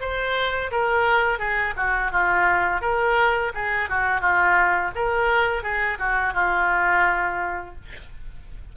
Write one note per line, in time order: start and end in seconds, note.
0.00 0.71 C5
0.71 1.39 A#4
1.39 1.74 G#4
1.76 2.11 F#4
2.11 2.81 F4
2.81 3.51 A#4
3.54 3.89 G#4
3.89 4.20 F#4
4.20 4.91 F4
4.95 5.62 A#4
5.62 5.98 G#4
5.98 6.33 F#4
6.33 7.75 F4